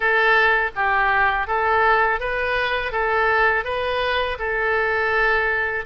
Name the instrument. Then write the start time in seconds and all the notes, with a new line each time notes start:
oboe
0.00 A4
0.75 G4
1.47 A4
2.20 B4
2.92 A4
3.64 B4
4.38 A4